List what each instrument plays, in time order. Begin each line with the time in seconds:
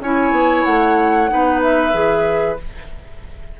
0.00 bassoon C#4, clarinet E4, oboe C#5, flute G#5
0.31 bassoon B3
0.64 bassoon A3, flute F#5
1.28 bassoon B3, clarinet D#4, oboe B4
1.62 flute E5
1.93 bassoon E3, clarinet G#4